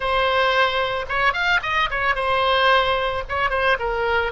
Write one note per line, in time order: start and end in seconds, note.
0.00 1.05 C5
1.09 1.33 C#5
1.33 1.60 F5
1.62 1.89 D#5
1.90 2.15 C#5
2.15 3.23 C5
3.29 3.50 C#5
3.50 3.77 C5
3.79 4.32 A#4